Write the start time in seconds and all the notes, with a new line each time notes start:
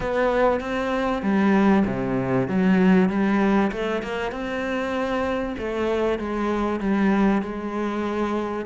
0.00 B3
0.60 C4
1.22 G3
1.86 C3
2.48 F#3
3.09 G3
3.72 A3
4.02 A#3
4.31 C4
5.58 A3
6.19 G#3
6.80 G3
7.42 G#3